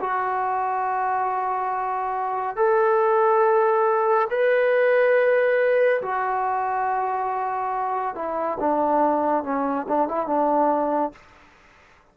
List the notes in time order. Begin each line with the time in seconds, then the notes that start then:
0.00 F#4
2.56 A4
4.30 B4
6.02 F#4
8.15 E4
8.59 D4
9.43 C#4
9.88 D4
10.08 E4
10.27 D4